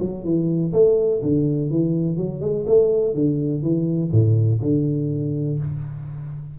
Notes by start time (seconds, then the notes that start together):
0.00 F#3
0.24 E3
0.73 A3
1.23 D3
1.71 E3
2.17 F#3
2.41 G#3
2.67 A3
3.15 D3
3.62 E3
4.12 A2
4.62 D3